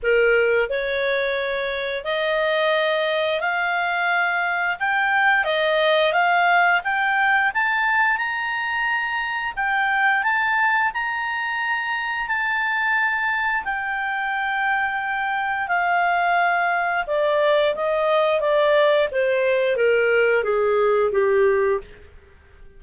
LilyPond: \new Staff \with { instrumentName = "clarinet" } { \time 4/4 \tempo 4 = 88 ais'4 cis''2 dis''4~ | dis''4 f''2 g''4 | dis''4 f''4 g''4 a''4 | ais''2 g''4 a''4 |
ais''2 a''2 | g''2. f''4~ | f''4 d''4 dis''4 d''4 | c''4 ais'4 gis'4 g'4 | }